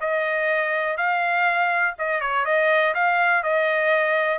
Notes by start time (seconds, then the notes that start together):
0.00 D#5
0.97 F5
1.98 D#5
2.21 C#5
2.45 D#5
2.94 F5
3.43 D#5